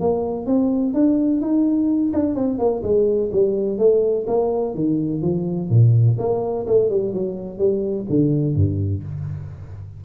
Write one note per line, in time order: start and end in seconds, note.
0.00 0.46 A#3
0.46 0.94 C4
0.94 1.41 D4
1.41 2.12 D#4
2.13 2.35 D4
2.35 2.58 C4
2.58 2.82 A#3
2.83 3.31 G#3
3.32 3.78 G3
3.78 4.26 A3
4.27 4.74 A#3
4.74 5.21 D#3
5.21 5.69 F3
5.69 6.17 A#2
6.18 6.66 A#3
6.66 6.89 A3
6.89 7.13 G3
7.13 7.58 F#3
7.58 8.05 G3
8.09 8.55 D3
8.55 9.03 G2